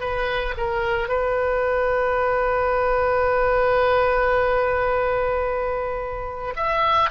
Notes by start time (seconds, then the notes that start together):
0.00 B4
0.58 A#4
1.09 B4
6.56 E5